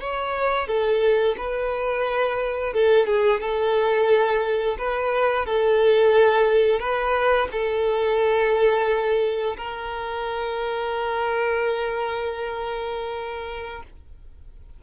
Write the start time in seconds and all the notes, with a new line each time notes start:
0.00 C#5
0.67 A4
1.37 B4
2.73 A4
3.06 G#4
3.40 A4
4.78 B4
5.45 A4
6.80 B4
7.52 A4
9.57 A#4